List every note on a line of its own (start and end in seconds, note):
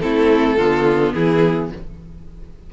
0.00 0.57 A3
0.00 0.58 C4
0.00 0.58 E4
0.00 1.13 A4
0.57 1.14 D3
0.57 1.73 B3
0.57 1.14 F4
1.14 1.72 E3
1.14 1.71 E4
1.14 1.71 G#4